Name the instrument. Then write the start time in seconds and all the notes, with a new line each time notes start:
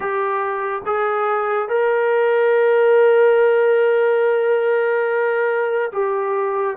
trombone
0.00 G4
0.86 G#4
1.68 A#4
5.92 G4